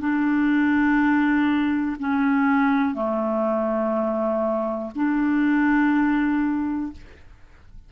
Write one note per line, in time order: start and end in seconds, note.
0.00 1.97 D4
2.00 2.95 C#4
2.95 4.91 A3
4.96 6.93 D4